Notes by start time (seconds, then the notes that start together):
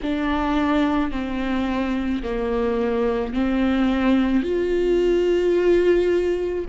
0.02 D4
1.11 C4
2.22 A#3
3.33 C4
4.42 F4